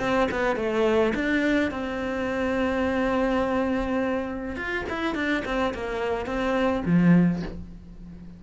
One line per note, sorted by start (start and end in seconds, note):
0.00 0.29 C4
0.31 0.56 B3
0.56 1.14 A3
1.15 1.71 D4
1.71 4.56 C4
4.56 4.85 F4
4.90 5.15 E4
5.15 5.43 D4
5.45 5.74 C4
5.74 6.26 A#3
6.26 6.83 C4
6.85 7.43 F3